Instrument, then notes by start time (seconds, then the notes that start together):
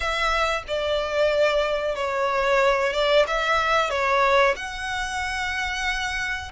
violin
0.00 E5
0.67 D5
1.95 C#5
2.93 D5
3.27 E5
3.90 C#5
4.56 F#5